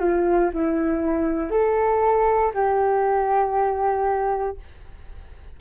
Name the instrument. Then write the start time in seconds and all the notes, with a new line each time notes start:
flute
0.00 F4
0.53 E4
1.51 A4
2.53 G4